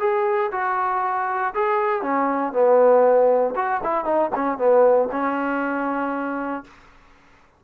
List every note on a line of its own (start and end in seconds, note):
0.00 0.51 G#4
0.52 1.54 F#4
1.55 2.02 G#4
2.02 2.53 C#4
2.53 3.55 B3
3.56 3.81 F#4
3.84 4.05 E4
4.05 4.30 D#4
4.35 4.58 C#4
4.58 5.09 B3
5.12 6.64 C#4